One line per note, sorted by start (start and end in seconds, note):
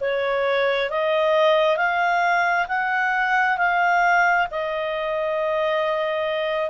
0.00 0.90 C#5
0.90 1.77 D#5
1.77 2.66 F5
2.68 3.57 F#5
3.57 4.47 F5
4.51 6.70 D#5